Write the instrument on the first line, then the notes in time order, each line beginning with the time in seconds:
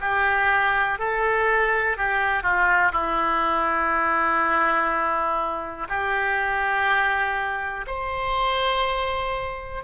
oboe
0.00 G4
0.98 A4
1.97 G4
2.42 F4
2.92 E4
5.88 G4
7.86 C5